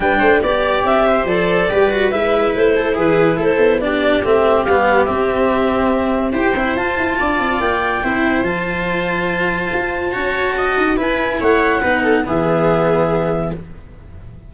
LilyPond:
<<
  \new Staff \with { instrumentName = "clarinet" } { \time 4/4 \tempo 4 = 142 g''4 d''4 e''4 d''4~ | d''4 e''4 c''4 b'4 | c''4 d''4 e''4 f''4 | e''2. g''4 |
a''2 g''2 | a''1~ | a''2 gis''4 fis''4~ | fis''4 e''2. | }
  \new Staff \with { instrumentName = "viola" } { \time 4/4 b'8 c''8 d''4. c''4. | b'2~ b'8 a'8 gis'4 | a'4 g'2.~ | g'2. c''4~ |
c''4 d''2 c''4~ | c''1 | cis''4 dis''4 b'4 cis''4 | b'8 a'8 gis'2. | }
  \new Staff \with { instrumentName = "cello" } { \time 4/4 d'4 g'2 a'4 | g'8 fis'8 e'2.~ | e'4 d'4 c'4 b4 | c'2. g'8 e'8 |
f'2. e'4 | f'1 | fis'2 e'2 | dis'4 b2. | }
  \new Staff \with { instrumentName = "tuba" } { \time 4/4 g8 a8 b4 c'4 f4 | g4 gis4 a4 e4 | a8 b4. a4 g4 | c'2. e'8 c'8 |
f'8 e'8 d'8 c'8 ais4 c'4 | f2. f'4 | cis'4. dis'8 e'4 a4 | b4 e2. | }
>>